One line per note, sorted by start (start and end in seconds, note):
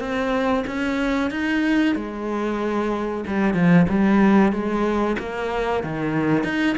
0.00 0.65 C4
0.67 1.31 C#4
1.31 1.95 D#4
1.95 3.24 G#3
3.27 3.54 G3
3.54 3.86 F3
3.89 4.52 G3
4.52 5.17 G#3
5.19 5.84 A#3
5.84 6.44 D#3
6.44 6.76 D#4